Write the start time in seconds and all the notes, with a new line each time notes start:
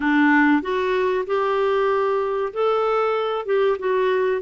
0.00 D4
0.61 F#4
1.26 G4
2.53 A4
3.45 G4
3.78 F#4